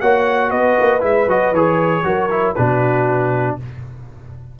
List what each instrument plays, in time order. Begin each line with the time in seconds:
0.00 tuba A#3, trombone F#4, horn C#5, trumpet F#5
0.49 tuba B3, horn B4, trumpet D#5
0.80 tuba A#3
1.00 tuba G#3, trombone E4, trumpet E5
1.27 tuba F#3, trombone F#4, trumpet D#5
1.52 tuba E3, trombone G#4, trumpet C#5
2.04 tuba F#3, trombone F#4, horn A#4
2.30 trombone E4
2.55 tuba B2, trombone D4, horn F#4, trumpet B4